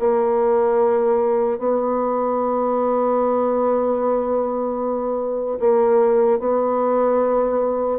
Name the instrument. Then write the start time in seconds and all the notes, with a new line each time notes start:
bassoon
0.00 A#3
1.59 B3
5.60 A#3
6.39 B3